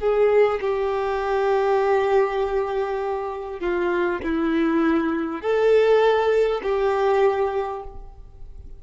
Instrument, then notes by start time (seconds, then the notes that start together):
violin
0.00 G#4
0.61 G4
3.59 F4
4.23 E4
5.41 A4
6.63 G4